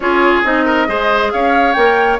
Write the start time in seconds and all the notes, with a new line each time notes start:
0.00 C#4 F4 G#4 C#5
0.44 C4 D#4 D#5
0.65 A#4
0.87 G#3 G#4 C5
1.31 C#4 C#5 F5
1.73 A#3 A#4 G5